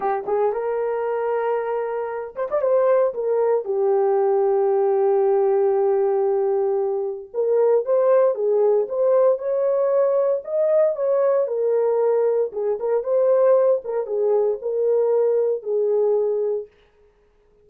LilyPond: \new Staff \with { instrumentName = "horn" } { \time 4/4 \tempo 4 = 115 g'8 gis'8 ais'2.~ | ais'8 c''16 d''16 c''4 ais'4 g'4~ | g'1~ | g'2 ais'4 c''4 |
gis'4 c''4 cis''2 | dis''4 cis''4 ais'2 | gis'8 ais'8 c''4. ais'8 gis'4 | ais'2 gis'2 | }